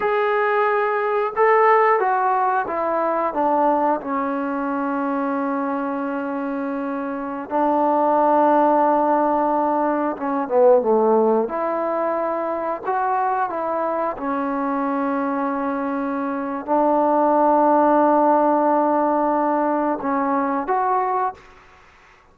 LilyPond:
\new Staff \with { instrumentName = "trombone" } { \time 4/4 \tempo 4 = 90 gis'2 a'4 fis'4 | e'4 d'4 cis'2~ | cis'2.~ cis'16 d'8.~ | d'2.~ d'16 cis'8 b16~ |
b16 a4 e'2 fis'8.~ | fis'16 e'4 cis'2~ cis'8.~ | cis'4 d'2.~ | d'2 cis'4 fis'4 | }